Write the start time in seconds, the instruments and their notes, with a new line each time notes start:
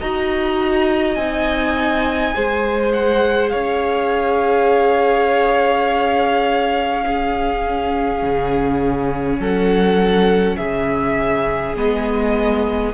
0.00 cello D#4, viola F#4, violin D#5 A#5
1.16 cello C4, viola D#4, violin G#5
2.35 cello G#3, viola G#4, violin C5
2.94 violin F#5
3.50 cello C#4, violin C#5 F5
7.06 viola C#4, violin G#4
8.23 cello C#3
9.40 cello F#3, violin A4 F#5
10.58 cello C#3, violin G#4 E5
11.76 cello G#3, viola B3, violin D#5